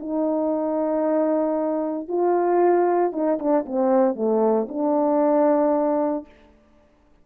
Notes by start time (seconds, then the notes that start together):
0.00 D#4
2.08 F4
3.12 D#4
3.39 D4
3.65 C4
4.15 A3
4.69 D4